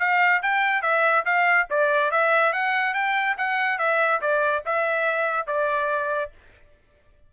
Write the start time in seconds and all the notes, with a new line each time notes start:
0.00 F5
0.43 G5
0.83 E5
1.26 F5
1.71 D5
2.12 E5
2.53 F#5
2.94 G5
3.38 F#5
3.79 E5
4.22 D5
4.66 E5
5.47 D5